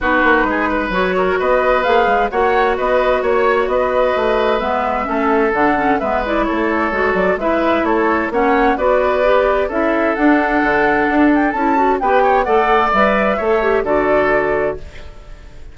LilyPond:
<<
  \new Staff \with { instrumentName = "flute" } { \time 4/4 \tempo 4 = 130 b'2 cis''4 dis''4 | f''4 fis''4 dis''4 cis''4 | dis''2 e''2 | fis''4 e''8 d''8 cis''4. d''8 |
e''4 cis''4 fis''4 d''4~ | d''4 e''4 fis''2~ | fis''8 g''8 a''4 g''4 fis''4 | e''2 d''2 | }
  \new Staff \with { instrumentName = "oboe" } { \time 4/4 fis'4 gis'8 b'4 ais'8 b'4~ | b'4 cis''4 b'4 cis''4 | b'2. a'4~ | a'4 b'4 a'2 |
b'4 a'4 cis''4 b'4~ | b'4 a'2.~ | a'2 b'8 cis''8 d''4~ | d''4 cis''4 a'2 | }
  \new Staff \with { instrumentName = "clarinet" } { \time 4/4 dis'2 fis'2 | gis'4 fis'2.~ | fis'2 b4 cis'4 | d'8 cis'8 b8 e'4. fis'4 |
e'2 cis'4 fis'4 | g'4 e'4 d'2~ | d'4 e'8 fis'8 g'4 a'4 | b'4 a'8 g'8 fis'2 | }
  \new Staff \with { instrumentName = "bassoon" } { \time 4/4 b8 ais8 gis4 fis4 b4 | ais8 gis8 ais4 b4 ais4 | b4 a4 gis4 a4 | d4 gis4 a4 gis8 fis8 |
gis4 a4 ais4 b4~ | b4 cis'4 d'4 d4 | d'4 cis'4 b4 a4 | g4 a4 d2 | }
>>